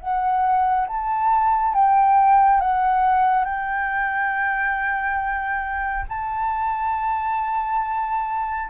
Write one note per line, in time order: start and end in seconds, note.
0.00 0.87 F#5
0.87 1.74 A5
1.74 2.60 G5
2.60 3.44 F#5
3.44 6.05 G5
6.09 8.70 A5